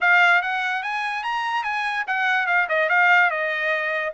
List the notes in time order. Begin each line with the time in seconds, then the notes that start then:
0.01 F5
0.41 F#5
0.82 G#5
1.23 A#5
1.63 G#5
2.07 F#5
2.46 F5
2.69 D#5
2.89 F5
3.30 D#5